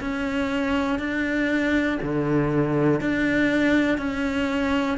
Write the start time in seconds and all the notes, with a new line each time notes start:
0.00 C#4
1.00 D4
2.02 D3
3.01 D4
3.98 C#4